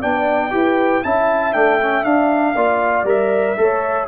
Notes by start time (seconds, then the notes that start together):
0.00 B3 D4 D5 G5
0.51 E4 G4 B4
1.04 C#4 E4 E5 A5
1.54 A3 D4 G5
1.82 C#4
2.05 D4 F5
2.56 A#3 F4 D5
3.04 G3 A#4 E5
3.57 A3 A4 C#5